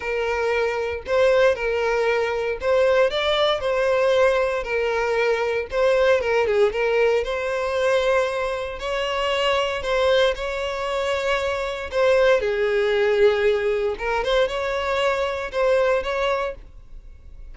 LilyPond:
\new Staff \with { instrumentName = "violin" } { \time 4/4 \tempo 4 = 116 ais'2 c''4 ais'4~ | ais'4 c''4 d''4 c''4~ | c''4 ais'2 c''4 | ais'8 gis'8 ais'4 c''2~ |
c''4 cis''2 c''4 | cis''2. c''4 | gis'2. ais'8 c''8 | cis''2 c''4 cis''4 | }